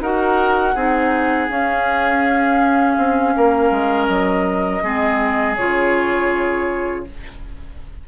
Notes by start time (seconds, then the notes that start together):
0.00 D#4 F#4 A#4 F#5
0.75 C4 D#4 G#4
1.48 C#4 F5
2.97 C4
3.36 A#3 A#4
3.71 G#3
4.07 F#3 D#5
4.82 G#3 C4 G#4
5.56 C#3 F4 C#5